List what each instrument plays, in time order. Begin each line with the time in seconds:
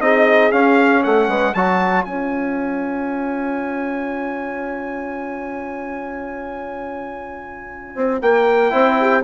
0.00 bassoon C4, trombone D#4, horn G#4, trumpet D#5
0.52 trombone C#4, bassoon C#4, trumpet F5
1.03 bassoon A3, horn A4, trumpet F#5
1.28 bassoon G#3, horn B4
1.54 bassoon F#3, trombone F#4, horn C#5, trumpet A5
2.04 bassoon C#4, trombone F4, trumpet G#5
7.95 bassoon C4
8.21 bassoon A#3, trumpet G5
8.70 bassoon C4, trombone E4, horn C5
9.00 horn G4